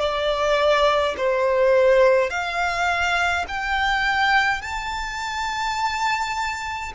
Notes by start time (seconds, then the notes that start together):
0.00 D5
1.18 C5
2.30 F5
3.49 G5
4.62 A5